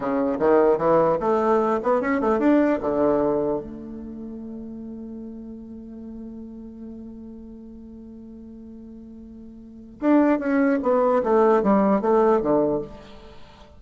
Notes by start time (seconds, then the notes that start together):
0.00 C#3
0.39 D#3
0.77 E3
1.20 A3
1.83 B3
2.01 C#4
2.21 A3
2.39 D4
2.80 D3
3.60 A3
10.00 D4
10.39 C#4
10.82 B3
11.23 A3
11.63 G3
12.01 A3
12.41 D3